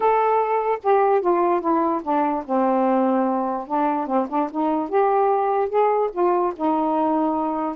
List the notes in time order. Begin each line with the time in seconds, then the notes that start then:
0.00 A4
0.83 G4
1.21 F4
1.60 E4
2.03 D4
2.45 C4
3.67 D4
4.06 C4
4.29 D4
4.51 D#4
4.89 G4
5.69 G#4
6.12 F4
6.55 D#4